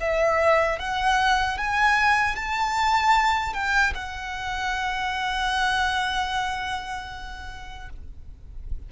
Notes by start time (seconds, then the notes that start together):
0.00 E5
0.79 F#5
1.58 G#5
2.35 A5
3.53 G5
3.94 F#5